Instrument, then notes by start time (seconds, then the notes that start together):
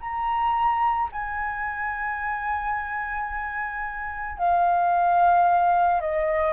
flute
0.00 A#5
1.12 G#5
4.38 F5
6.00 D#5